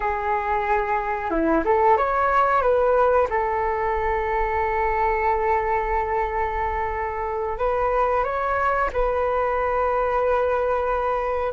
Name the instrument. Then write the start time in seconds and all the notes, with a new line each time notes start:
flute
0.00 G#4
1.30 E4
1.64 A4
1.97 C#5
2.61 B4
3.29 A4
7.58 B4
8.24 C#5
8.93 B4